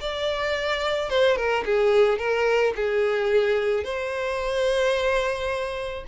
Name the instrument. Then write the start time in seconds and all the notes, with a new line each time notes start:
violin
0.00 D5
1.09 C5
1.36 A#4
1.65 G#4
2.18 A#4
2.75 G#4
3.84 C5